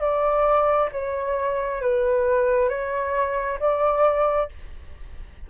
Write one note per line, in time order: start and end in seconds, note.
0.00 0.90 D5
0.92 1.81 C#5
1.81 2.69 B4
2.69 3.59 C#5
3.59 4.49 D5